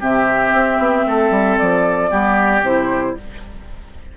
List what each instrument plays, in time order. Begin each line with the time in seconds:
0.00 bassoon C3, clarinet C4, oboe G4, flute E5
0.53 bassoon C4
0.79 bassoon B3
1.06 bassoon A3, oboe A4
1.31 bassoon G3
1.58 bassoon F3, flute D5
2.09 bassoon G3, clarinet B3, oboe G4
2.62 bassoon C3, clarinet E4, flute C5